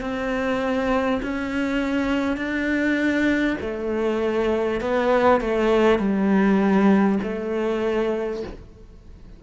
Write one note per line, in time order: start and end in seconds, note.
0.00 1.20 C4
1.22 2.37 C#4
2.37 3.57 D4
3.61 4.81 A3
4.81 5.40 B3
5.40 5.98 A3
5.98 7.18 G3
7.23 8.43 A3